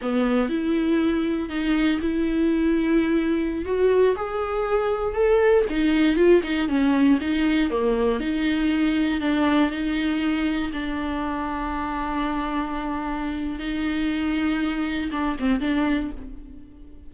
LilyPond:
\new Staff \with { instrumentName = "viola" } { \time 4/4 \tempo 4 = 119 b4 e'2 dis'4 | e'2.~ e'16 fis'8.~ | fis'16 gis'2 a'4 dis'8.~ | dis'16 f'8 dis'8 cis'4 dis'4 ais8.~ |
ais16 dis'2 d'4 dis'8.~ | dis'4~ dis'16 d'2~ d'8.~ | d'2. dis'4~ | dis'2 d'8 c'8 d'4 | }